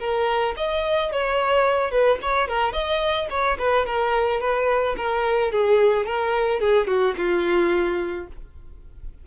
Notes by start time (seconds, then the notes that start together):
0.00 A#4
0.57 D#5
1.12 C#5
1.92 B4
2.22 C#5
2.48 A#4
2.73 D#5
3.31 C#5
3.59 B4
3.86 A#4
4.41 B4
4.97 A#4
5.52 G#4
6.06 A#4
6.60 G#4
6.88 F#4
7.18 F4